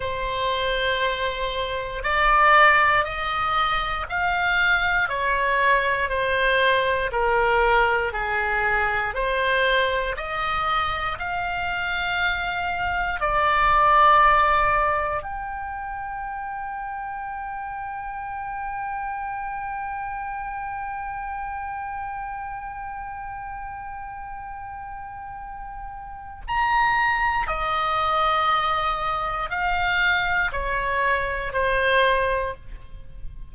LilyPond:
\new Staff \with { instrumentName = "oboe" } { \time 4/4 \tempo 4 = 59 c''2 d''4 dis''4 | f''4 cis''4 c''4 ais'4 | gis'4 c''4 dis''4 f''4~ | f''4 d''2 g''4~ |
g''1~ | g''1~ | g''2 ais''4 dis''4~ | dis''4 f''4 cis''4 c''4 | }